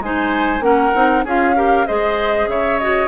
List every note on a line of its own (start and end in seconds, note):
0.00 0.60 G#3
0.00 0.61 D#4
0.00 0.65 C5
0.00 0.63 G#5
0.60 0.91 A#3
0.60 0.92 C#4
0.60 1.25 A#4
0.60 1.24 F#5
0.95 1.25 C4
0.95 1.26 D#4
1.25 1.87 C#4
1.25 1.56 F4
1.25 1.56 G#4
1.25 1.87 F5
1.56 1.87 G4
1.56 1.88 A#4
1.87 2.47 G#3
1.87 2.81 G#4
1.87 2.50 C5
1.87 2.49 D#5
2.47 3.09 C#3
2.47 3.09 C#5
2.47 2.80 E5
2.80 3.09 F#4
2.80 3.09 D#5